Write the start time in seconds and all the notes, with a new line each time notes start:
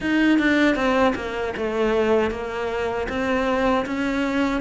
0.00 D#4
0.38 D4
0.75 C4
1.15 A#3
1.56 A3
2.30 A#3
3.08 C4
3.85 C#4